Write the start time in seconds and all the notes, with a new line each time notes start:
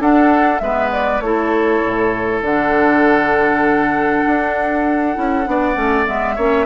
0.00 D4 A4 F#5
0.59 G#3 B3 B4 E5
0.92 D5
1.20 A3 E4 A4 C#5
1.85 A2
2.42 D3 D4 F#5
4.27 D4
5.15 C#4 E4
5.44 B3 D4 D5
5.74 A3 C#4
6.06 G#3 B3 E5
6.35 A#3 C#4 C#5